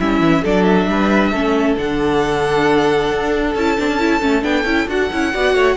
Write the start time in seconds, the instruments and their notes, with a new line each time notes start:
0.00 cello G3, viola C#4, violin E4 E5
0.20 cello E3
0.43 cello F#3, viola D4, violin A4 D5
0.65 violin E5
0.88 cello G3, violin B4
1.32 cello A3, viola C#4, violin A4
1.78 cello D3, viola D4, violin F#5
3.12 cello D4
3.55 cello C#4, viola E4, violin A5
3.78 cello C4, viola D4
3.89 cello C#4
4.00 viola E4
4.21 cello A3, viola C#4
4.43 cello B3, viola D4, violin G5
4.65 cello C#4, viola E4
4.88 cello D4, viola F#4, violin F#5
5.12 cello C#4, viola E4
5.34 cello B3, viola F#4, violin D5
5.54 cello A3, violin C#5